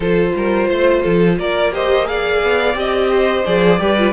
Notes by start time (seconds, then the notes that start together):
0.00 F3 F4 A4 C5
0.35 G3 A#4
0.67 A3 C5
1.02 F3 A4
1.38 A#3 A#4 D5
1.72 G4 C5 D#5
2.05 G#4 D5 F5
2.42 B3
2.74 C4 G4 D#5
3.11 C5
3.45 F3 G#4 D5
3.79 G3 G4 B4
3.98 F4